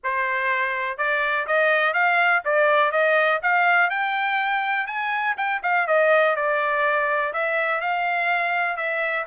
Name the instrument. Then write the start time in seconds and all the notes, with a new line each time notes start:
trumpet
0.03 C5
0.97 D5
1.46 D#5
1.93 F5
2.45 D5
2.91 D#5
3.42 F5
3.90 G5
4.86 G#5
5.37 G5
5.62 F5
5.87 D#5
6.35 D5
7.33 E5
7.80 F5
8.76 E5